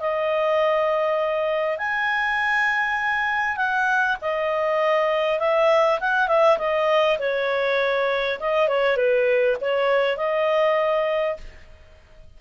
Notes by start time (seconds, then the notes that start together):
0.00 D#5
1.78 G#5
3.57 F#5
4.22 D#5
5.40 E5
6.01 F#5
6.28 E5
6.58 D#5
7.19 C#5
8.40 D#5
8.69 C#5
8.97 B4
9.61 C#5
10.17 D#5